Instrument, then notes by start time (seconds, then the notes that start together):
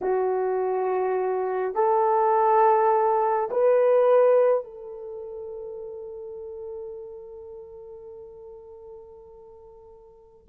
horn
0.01 F#4
1.74 A4
3.50 B4
4.64 A4